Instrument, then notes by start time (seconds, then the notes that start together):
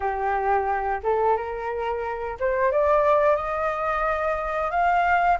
flute
0.00 G4
1.03 A4
1.37 A#4
2.39 C5
2.71 D5
3.36 D#5
4.70 F5